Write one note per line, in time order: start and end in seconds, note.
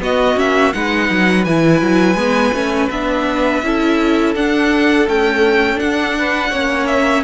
0.00 0.36 B3
0.00 0.75 F#4
0.00 0.39 D#5
0.36 0.73 A#3
0.36 0.72 C#4
0.36 0.73 E5
0.73 1.10 G#3
0.73 1.46 D#4
0.73 3.65 B4
0.73 1.45 F#5
1.10 1.46 F#3
1.45 1.82 E3
1.45 2.17 E4
1.45 2.89 G#5
1.82 2.15 F#3
2.15 2.51 G#3
2.15 2.53 B3
2.54 2.90 A3
2.54 2.91 C#4
2.90 3.63 B3
2.90 3.64 D4
2.90 4.35 E5
3.63 4.35 C#4
3.63 4.36 E4
3.63 6.19 A4
4.35 5.08 D4
4.35 5.07 D4
4.35 5.08 F#5
5.07 5.75 A3
5.07 5.80 C#4
5.07 5.79 G5
5.75 6.48 D4
5.75 6.53 D4
5.75 6.87 F#5
6.19 6.51 B4
6.51 7.24 A#3
6.51 7.24 C#4
6.51 7.23 C#5
6.87 7.23 E5